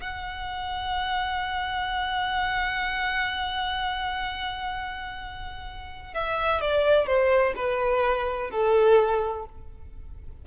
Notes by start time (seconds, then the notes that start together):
0.00 F#5
6.13 E5
6.61 D5
7.06 C5
7.56 B4
8.50 A4